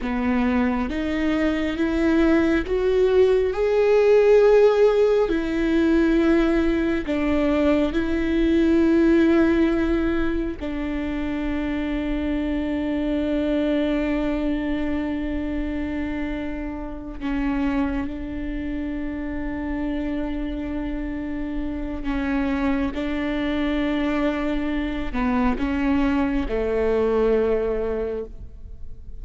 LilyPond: \new Staff \with { instrumentName = "viola" } { \time 4/4 \tempo 4 = 68 b4 dis'4 e'4 fis'4 | gis'2 e'2 | d'4 e'2. | d'1~ |
d'2.~ d'8 cis'8~ | cis'8 d'2.~ d'8~ | d'4 cis'4 d'2~ | d'8 b8 cis'4 a2 | }